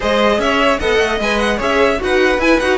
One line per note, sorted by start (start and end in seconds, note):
0.00 0.38 G#3
0.00 0.80 G#4
0.00 0.39 C5
0.00 0.40 D#5
0.38 0.78 C#4
0.38 0.80 C#5
0.38 0.79 E5
0.79 0.99 B3
0.79 1.20 A4
0.79 1.57 D#5
0.79 1.19 F#5
0.99 1.19 A3
1.19 1.59 G#3
1.19 1.58 B4
1.19 1.39 G#5
1.39 1.59 F#5
1.57 2.00 C#4
1.57 1.98 G#4
1.57 1.97 C#5
1.57 2.02 E5
1.99 2.38 D#4
1.99 2.39 F#4
1.99 2.77 B4
1.99 2.41 F#5
2.38 2.58 E4
2.38 2.61 E4
2.38 2.59 G#5
2.59 2.77 D#4
2.59 2.77 F#4
2.59 2.77 F#5